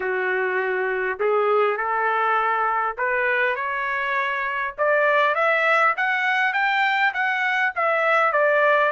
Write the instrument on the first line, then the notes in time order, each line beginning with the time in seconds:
trumpet
0.00 F#4
1.19 G#4
1.77 A4
2.97 B4
3.55 C#5
4.77 D5
5.34 E5
5.96 F#5
6.53 G5
7.13 F#5
7.75 E5
8.32 D5